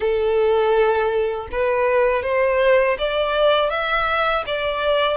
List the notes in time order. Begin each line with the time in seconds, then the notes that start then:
0.00 A4
1.52 B4
2.23 C5
2.98 D5
3.69 E5
4.46 D5